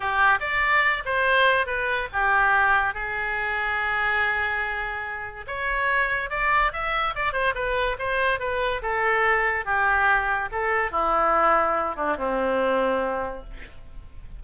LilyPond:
\new Staff \with { instrumentName = "oboe" } { \time 4/4 \tempo 4 = 143 g'4 d''4. c''4. | b'4 g'2 gis'4~ | gis'1~ | gis'4 cis''2 d''4 |
e''4 d''8 c''8 b'4 c''4 | b'4 a'2 g'4~ | g'4 a'4 e'2~ | e'8 d'8 c'2. | }